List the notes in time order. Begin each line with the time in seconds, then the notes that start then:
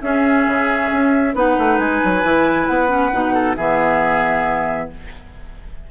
0.00 C#4 G#4 E5
0.46 C#3
0.92 C#4
1.34 B3 D#4 B4 F#5
1.58 A3
1.78 G#3 G#5
2.04 F#3
2.23 E3 E4
2.67 B3 F#5
2.88 C#4
3.12 B2 D#4
3.34 A4
3.56 E3 B3 G#4 E5